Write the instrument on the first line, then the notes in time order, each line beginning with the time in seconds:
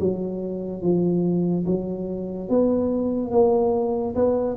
tuba
0.00 F#3
0.82 F3
1.66 F#3
2.50 B3
3.31 A#3
4.15 B3